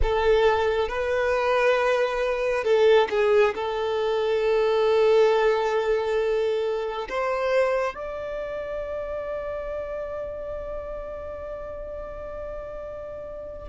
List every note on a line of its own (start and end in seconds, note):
0.02 0.88 A4
0.88 2.64 B4
2.64 3.08 A4
3.10 3.54 G#4
3.55 7.07 A4
7.08 7.94 C5
7.94 13.68 D5